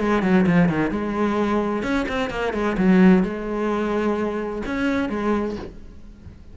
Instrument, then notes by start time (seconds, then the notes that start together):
cello
0.00 G#3
0.23 F#3
0.47 F3
0.69 D#3
0.92 G#3
1.83 C#4
2.09 C4
2.31 A#3
2.54 G#3
2.78 F#3
3.23 G#3
4.67 C#4
5.10 G#3